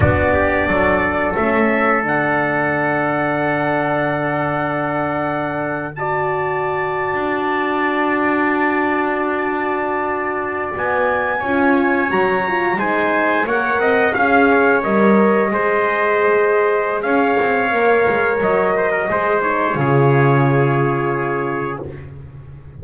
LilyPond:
<<
  \new Staff \with { instrumentName = "trumpet" } { \time 4/4 \tempo 4 = 88 d''2 e''4 fis''4~ | fis''1~ | fis''8. a''2.~ a''16~ | a''2.~ a''8. gis''16~ |
gis''4.~ gis''16 ais''4 gis''4 fis''16~ | fis''8. f''4 dis''2~ dis''16~ | dis''4 f''2 dis''4~ | dis''8 cis''2.~ cis''8 | }
  \new Staff \with { instrumentName = "trumpet" } { \time 4/4 fis'8 g'8 a'2.~ | a'1~ | a'8. d''2.~ d''16~ | d''1~ |
d''8. cis''2 c''4 cis''16~ | cis''16 dis''8 f''8 cis''4. c''4~ c''16~ | c''4 cis''2~ cis''8 c''16 ais'16 | c''4 gis'2. | }
  \new Staff \with { instrumentName = "horn" } { \time 4/4 d'2 cis'4 d'4~ | d'1~ | d'8. fis'2.~ fis'16~ | fis'1~ |
fis'8. f'4 fis'8 f'8 dis'4 ais'16~ | ais'8. gis'4 ais'4 gis'4~ gis'16~ | gis'2 ais'2 | gis'8 dis'8 f'2. | }
  \new Staff \with { instrumentName = "double bass" } { \time 4/4 b4 fis4 a4 d4~ | d1~ | d2~ d8 d'4.~ | d'2.~ d'8. b16~ |
b8. cis'4 fis4 gis4 ais16~ | ais16 c'8 cis'4 g4 gis4~ gis16~ | gis4 cis'8 c'8 ais8 gis8 fis4 | gis4 cis2. | }
>>